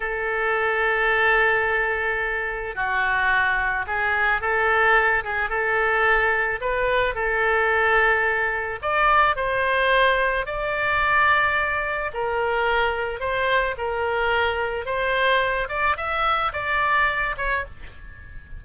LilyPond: \new Staff \with { instrumentName = "oboe" } { \time 4/4 \tempo 4 = 109 a'1~ | a'4 fis'2 gis'4 | a'4. gis'8 a'2 | b'4 a'2. |
d''4 c''2 d''4~ | d''2 ais'2 | c''4 ais'2 c''4~ | c''8 d''8 e''4 d''4. cis''8 | }